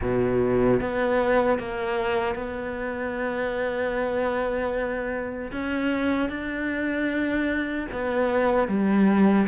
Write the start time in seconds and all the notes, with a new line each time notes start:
0.01 B2
0.80 B3
1.59 A#3
2.35 B3
5.51 C#4
6.29 D4
7.92 B3
8.68 G3